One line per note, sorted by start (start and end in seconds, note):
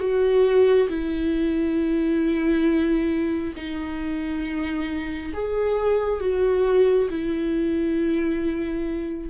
0.00 0.88 F#4
0.89 3.54 E4
3.57 5.33 D#4
5.33 6.20 G#4
6.20 7.09 F#4
7.10 9.30 E4